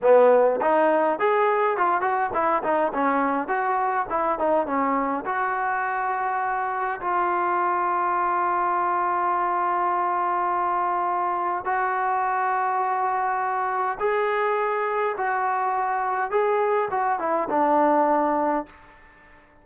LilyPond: \new Staff \with { instrumentName = "trombone" } { \time 4/4 \tempo 4 = 103 b4 dis'4 gis'4 f'8 fis'8 | e'8 dis'8 cis'4 fis'4 e'8 dis'8 | cis'4 fis'2. | f'1~ |
f'1 | fis'1 | gis'2 fis'2 | gis'4 fis'8 e'8 d'2 | }